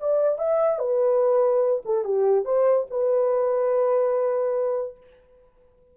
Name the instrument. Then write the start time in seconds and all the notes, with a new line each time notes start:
horn
0.00 D5
0.39 E5
0.79 B4
1.85 A4
2.04 G4
2.45 C5
2.90 B4